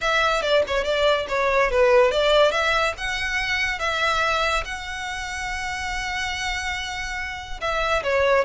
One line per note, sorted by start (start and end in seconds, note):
0.01 0.41 E5
0.41 0.63 D5
0.67 0.84 C#5
0.84 1.26 D5
1.28 1.70 C#5
1.70 2.11 B4
2.11 2.51 D5
2.51 2.93 E5
2.97 3.79 F#5
3.79 4.63 E5
4.64 7.60 F#5
7.60 8.03 E5
8.03 8.44 C#5